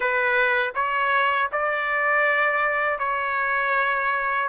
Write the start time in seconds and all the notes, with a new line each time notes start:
0.00 B4
0.74 C#5
1.51 D5
2.98 C#5